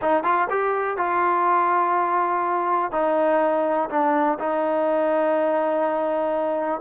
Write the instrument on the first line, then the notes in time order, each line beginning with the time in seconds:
trombone
0.01 D#4
0.23 F4
0.49 G4
0.97 F4
2.91 D#4
3.89 D4
4.39 D#4